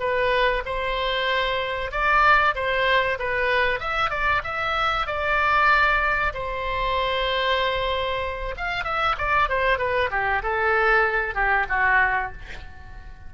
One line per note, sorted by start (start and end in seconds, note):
0.00 0.63 B4
0.66 1.92 C5
1.92 2.55 D5
2.55 3.18 C5
3.19 3.80 B4
3.80 4.11 E5
4.11 4.42 D5
4.44 5.07 E5
5.07 6.33 D5
6.34 8.55 C5
8.58 8.84 F5
8.84 9.16 E5
9.18 9.49 D5
9.49 9.79 C5
9.79 10.10 B4
10.11 10.42 G4
10.43 11.35 A4
11.35 11.66 G4
11.69 12.32 F#4